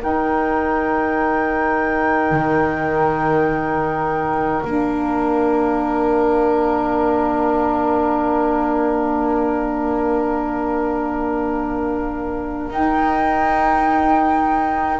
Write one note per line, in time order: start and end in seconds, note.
0.00 4.62 D#4
0.00 2.31 D#4
0.00 15.00 A#4
0.00 4.63 G5
2.31 4.62 D#3
4.63 12.70 A#3
4.63 12.72 D4
4.63 12.71 F5
12.70 15.00 D#4
12.70 15.00 G5